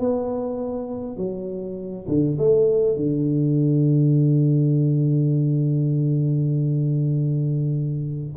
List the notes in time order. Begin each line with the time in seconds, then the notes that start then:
0.00 B3
1.17 F#3
2.08 D3
2.39 A3
2.96 D3